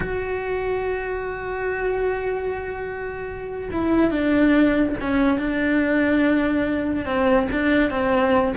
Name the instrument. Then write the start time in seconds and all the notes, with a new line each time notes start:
cello
0.00 F#4
3.71 E4
4.10 D4
5.01 C#4
5.38 D4
7.05 C4
7.52 D4
7.90 C4